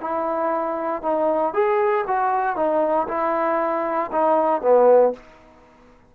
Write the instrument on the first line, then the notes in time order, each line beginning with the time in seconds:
trombone
0.00 E4
1.02 D#4
1.53 G#4
2.07 F#4
2.55 D#4
3.08 E4
4.12 D#4
4.61 B3